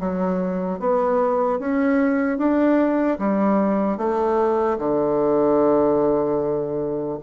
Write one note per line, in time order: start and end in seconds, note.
0.00 0.80 F#3
0.80 1.59 B3
1.59 2.38 C#4
2.38 3.18 D4
3.19 3.98 G3
3.98 4.78 A3
4.79 7.19 D3